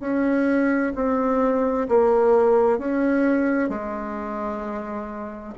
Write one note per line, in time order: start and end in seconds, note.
0.00 0.92 C#4
0.95 1.87 C4
1.88 2.78 A#3
2.78 3.69 C#4
3.69 5.53 G#3